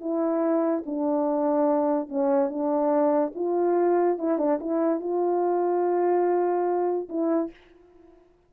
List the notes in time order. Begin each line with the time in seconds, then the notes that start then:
0.00 E4
0.86 D4
2.09 C#4
2.49 D4
3.35 F4
4.18 E4
4.38 D4
4.60 E4
5.00 F4
7.09 E4